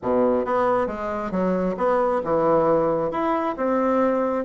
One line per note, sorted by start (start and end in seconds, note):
0.02 0.45 B2
0.45 0.86 B3
0.86 1.31 G#3
1.31 1.75 F#3
1.77 2.21 B3
2.24 3.11 E3
3.11 3.55 E4
3.57 4.44 C4